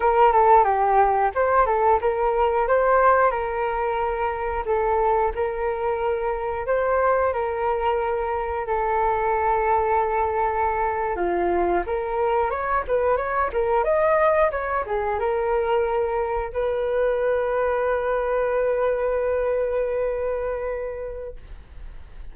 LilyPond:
\new Staff \with { instrumentName = "flute" } { \time 4/4 \tempo 4 = 90 ais'8 a'8 g'4 c''8 a'8 ais'4 | c''4 ais'2 a'4 | ais'2 c''4 ais'4~ | ais'4 a'2.~ |
a'8. f'4 ais'4 cis''8 b'8 cis''16~ | cis''16 ais'8 dis''4 cis''8 gis'8 ais'4~ ais'16~ | ais'8. b'2.~ b'16~ | b'1 | }